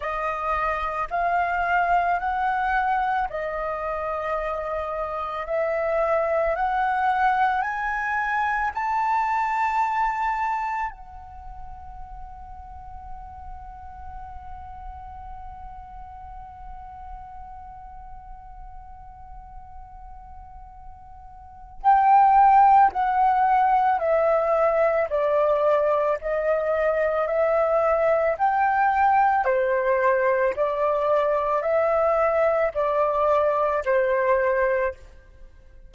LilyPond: \new Staff \with { instrumentName = "flute" } { \time 4/4 \tempo 4 = 55 dis''4 f''4 fis''4 dis''4~ | dis''4 e''4 fis''4 gis''4 | a''2 fis''2~ | fis''1~ |
fis''1 | g''4 fis''4 e''4 d''4 | dis''4 e''4 g''4 c''4 | d''4 e''4 d''4 c''4 | }